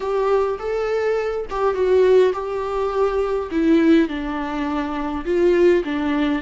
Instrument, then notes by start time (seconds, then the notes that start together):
viola
0.00 G4
0.58 A4
1.50 G4
1.74 F#4
2.33 G4
3.51 E4
4.08 D4
5.25 F4
5.84 D4